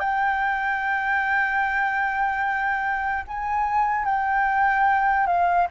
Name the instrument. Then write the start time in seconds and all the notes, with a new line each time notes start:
flute
0.00 G5
3.27 G#5
4.05 G5
5.27 F5